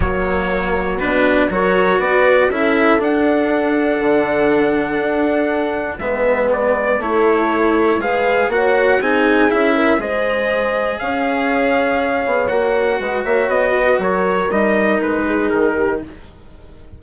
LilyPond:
<<
  \new Staff \with { instrumentName = "trumpet" } { \time 4/4 \tempo 4 = 120 cis''2 b'4 cis''4 | d''4 e''4 fis''2~ | fis''1 | e''4 d''4 cis''2 |
f''4 fis''4 gis''4 e''4 | dis''2 f''2~ | f''4 fis''4. e''8 dis''4 | cis''4 dis''4 b'4 ais'4 | }
  \new Staff \with { instrumentName = "horn" } { \time 4/4 fis'2. ais'4 | b'4 a'2.~ | a'1 | b'2 a'2 |
b'4 cis''4 gis'4. ais'8 | c''2 cis''2~ | cis''2 b'8 cis''4 b'8 | ais'2~ ais'8 gis'4 g'8 | }
  \new Staff \with { instrumentName = "cello" } { \time 4/4 ais2 d'4 fis'4~ | fis'4 e'4 d'2~ | d'1 | b2 e'2 |
gis'4 fis'4 dis'4 e'4 | gis'1~ | gis'4 fis'2.~ | fis'4 dis'2. | }
  \new Staff \with { instrumentName = "bassoon" } { \time 4/4 fis2 b,4 fis4 | b4 cis'4 d'2 | d2 d'2 | gis2 a2 |
gis4 ais4 c'4 cis'4 | gis2 cis'2~ | cis'8 b8 ais4 gis8 ais8 b4 | fis4 g4 gis4 dis4 | }
>>